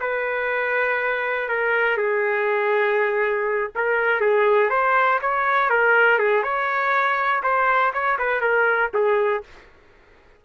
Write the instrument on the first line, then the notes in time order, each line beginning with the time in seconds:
trumpet
0.00 B4
1.49 A#4
1.97 G#4
3.75 A#4
4.20 G#4
4.70 C5
5.21 C#5
5.70 A#4
6.18 G#4
6.43 C#5
7.43 C5
7.93 C#5
8.18 B4
8.41 A#4
8.93 G#4